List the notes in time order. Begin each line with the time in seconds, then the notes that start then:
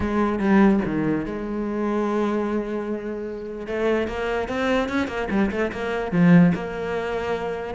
0.00 G#3
0.39 G3
0.85 D#3
1.25 G#3
3.66 A3
4.07 A#3
4.48 C4
4.88 C#4
5.07 A#3
5.30 G3
5.51 A3
5.72 A#3
6.11 F3
6.54 A#3